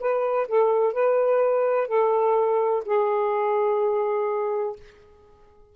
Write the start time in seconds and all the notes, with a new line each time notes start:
0.00 B4
0.48 A4
0.94 B4
1.88 A4
2.86 G#4